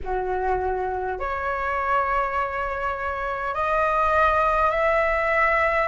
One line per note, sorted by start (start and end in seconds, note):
0.03 1.19 F#4
1.19 3.54 C#5
3.54 4.71 D#5
4.71 5.88 E5